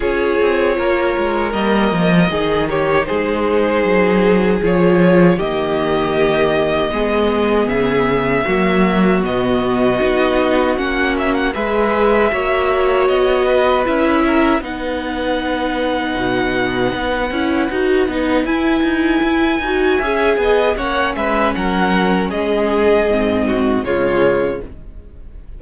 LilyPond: <<
  \new Staff \with { instrumentName = "violin" } { \time 4/4 \tempo 4 = 78 cis''2 dis''4. cis''8 | c''2 cis''4 dis''4~ | dis''2 e''2 | dis''2 fis''8 e''16 fis''16 e''4~ |
e''4 dis''4 e''4 fis''4~ | fis''1 | gis''2. fis''8 e''8 | fis''4 dis''2 cis''4 | }
  \new Staff \with { instrumentName = "violin" } { \time 4/4 gis'4 ais'2 gis'8 g'8 | gis'2. g'4~ | g'4 gis'2 fis'4~ | fis'2. b'4 |
cis''4. b'4 ais'8 b'4~ | b'1~ | b'2 e''8 dis''8 cis''8 b'8 | ais'4 gis'4. fis'8 f'4 | }
  \new Staff \with { instrumentName = "viola" } { \time 4/4 f'2 ais4 dis'4~ | dis'2 f'4 ais4~ | ais4 b2 ais4 | b4 dis'4 cis'4 gis'4 |
fis'2 e'4 dis'4~ | dis'2~ dis'8 e'8 fis'8 dis'8 | e'4. fis'8 gis'4 cis'4~ | cis'2 c'4 gis4 | }
  \new Staff \with { instrumentName = "cello" } { \time 4/4 cis'8 c'8 ais8 gis8 g8 f8 dis4 | gis4 fis4 f4 dis4~ | dis4 gis4 cis4 fis4 | b,4 b4 ais4 gis4 |
ais4 b4 cis'4 b4~ | b4 b,4 b8 cis'8 dis'8 b8 | e'8 dis'8 e'8 dis'8 cis'8 b8 ais8 gis8 | fis4 gis4 gis,4 cis4 | }
>>